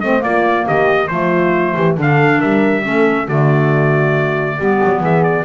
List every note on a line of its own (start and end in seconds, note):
0.00 0.23 A3
0.00 0.19 C4
0.00 0.25 C5
0.00 0.22 D#5
0.19 1.06 A#3
0.19 0.66 A#3
0.19 0.66 F4
0.19 0.67 D5
0.66 1.10 D#3
0.66 1.09 G4
0.66 1.08 D#5
1.08 1.75 F3
1.08 1.98 A3
1.08 1.75 F4
1.08 1.95 C5
1.75 1.97 E3
1.75 1.96 G4
1.96 2.41 D3
1.96 2.82 D4
1.96 2.39 A4
1.96 2.41 F5
2.39 2.86 G3
2.39 2.82 A#4
2.39 3.28 E5
2.82 3.28 A3
2.82 3.26 C#4
2.82 3.25 A4
3.25 4.58 D3
3.25 4.60 A3
3.25 4.56 F#4
3.25 5.02 D5
4.58 4.81 G3
4.58 5.44 B3
4.58 5.01 G4
4.83 5.00 F#3
5.00 5.43 E3
5.00 5.44 G#4
5.00 5.23 E5
5.23 5.44 D5